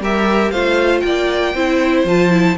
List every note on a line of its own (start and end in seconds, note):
0.00 0.51 G3
0.00 0.53 G4
0.00 0.52 A#4
0.00 0.51 E5
0.51 1.03 A3
0.51 1.56 F4
0.51 1.03 C5
0.51 1.00 F5
1.00 1.55 A#3
1.00 1.55 D5
1.00 2.03 G5
1.55 2.05 C4
1.55 2.07 E4
1.55 2.58 C5
2.05 2.56 F3
2.05 2.31 F4
2.05 2.58 A5
2.31 2.57 E4